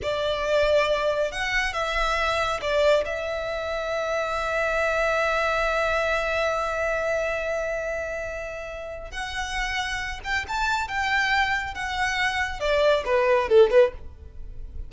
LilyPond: \new Staff \with { instrumentName = "violin" } { \time 4/4 \tempo 4 = 138 d''2. fis''4 | e''2 d''4 e''4~ | e''1~ | e''1~ |
e''1~ | e''4 fis''2~ fis''8 g''8 | a''4 g''2 fis''4~ | fis''4 d''4 b'4 a'8 b'8 | }